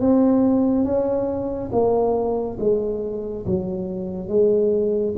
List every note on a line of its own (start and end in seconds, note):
0.00 0.84 C4
0.84 1.70 C#4
1.71 2.57 A#3
2.59 3.45 G#3
3.46 4.28 F#3
4.28 5.14 G#3